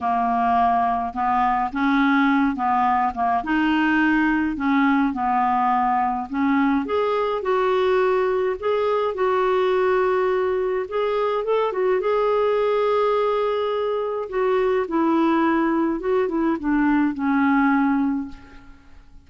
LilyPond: \new Staff \with { instrumentName = "clarinet" } { \time 4/4 \tempo 4 = 105 ais2 b4 cis'4~ | cis'8 b4 ais8 dis'2 | cis'4 b2 cis'4 | gis'4 fis'2 gis'4 |
fis'2. gis'4 | a'8 fis'8 gis'2.~ | gis'4 fis'4 e'2 | fis'8 e'8 d'4 cis'2 | }